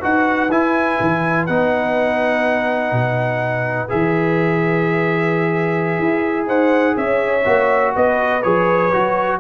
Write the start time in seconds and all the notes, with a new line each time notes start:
0.00 D#4 F#4 B4 F#5
0.50 E4 G#5
1.01 E3
1.46 B3 D#4 F#5
2.92 B2
3.89 E3 G#4 E5
5.99 E4
6.47 D#4 C5 F#5
6.97 C#4 C#5 E5
7.45 A#3 F#4
7.96 B3 B4 D#5
8.43 F3 G#4 C#5
8.92 F#3 F#4